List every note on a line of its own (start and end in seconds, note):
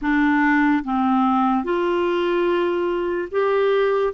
0.01 0.83 D4
0.84 1.64 C4
1.64 3.28 F4
3.31 4.13 G4